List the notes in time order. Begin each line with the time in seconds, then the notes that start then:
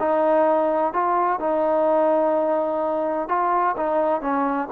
0.00 D#4
0.94 F4
1.40 D#4
3.29 F4
3.77 D#4
4.22 C#4